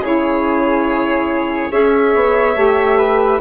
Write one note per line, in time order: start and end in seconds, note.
0.00 1.69 C#3
0.00 1.71 E4
0.00 1.71 G#4
0.00 1.72 C#5
1.71 2.15 C#4
1.71 2.56 G#4
1.71 2.98 C#5
1.71 3.41 E5
2.15 2.56 B3
2.56 3.40 A3
2.56 3.40 G4
2.98 3.40 B4